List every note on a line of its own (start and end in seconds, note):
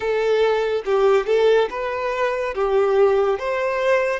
0.00 0.83 A4
0.85 1.26 G4
1.26 1.68 A4
1.69 2.54 B4
2.54 3.38 G4
3.38 4.20 C5